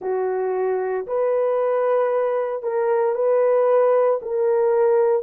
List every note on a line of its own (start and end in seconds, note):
0.00 1.06 F#4
1.06 2.62 B4
2.62 3.14 A#4
3.14 4.20 B4
4.22 5.22 A#4